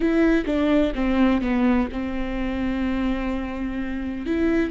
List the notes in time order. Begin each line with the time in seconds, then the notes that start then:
0.00 E4
0.45 D4
0.94 C4
1.41 B3
1.92 C4
4.25 E4